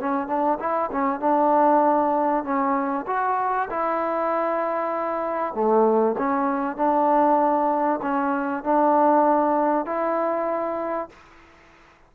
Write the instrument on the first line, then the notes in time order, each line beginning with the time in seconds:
trombone
0.00 C#4
0.27 D4
0.59 E4
0.92 C#4
1.20 D4
2.44 C#4
3.07 F#4
3.70 E4
5.54 A3
6.18 C#4
6.76 D4
8.02 C#4
8.63 D4
9.85 E4